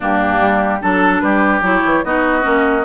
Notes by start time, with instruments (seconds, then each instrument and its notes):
0.00 bassoon G2, clarinet A#3, oboe D4, flute G4
0.40 bassoon G3
0.81 bassoon F#3, clarinet D4, oboe A4, flute A4
1.20 bassoon G3, oboe G4, flute B4
1.61 bassoon F#3, clarinet E4, flute C#5
1.84 bassoon E3
2.04 bassoon B3, clarinet D#4, oboe F#4, flute D#5
2.41 bassoon A#3, clarinet C#4